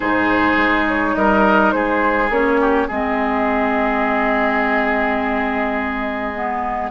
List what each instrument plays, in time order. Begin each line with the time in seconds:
0.00 bassoon G#2, clarinet D#4, oboe G#4, flute C5
0.56 bassoon G#3
0.87 flute C#5
1.15 bassoon G3, oboe A#4, flute D#5
1.71 bassoon G#3, oboe G#4, flute C5
2.29 bassoon A#3, clarinet C#4, flute C#5
2.60 oboe G4
2.87 bassoon G#3, clarinet C4, oboe G#4, flute D#5
6.34 clarinet B3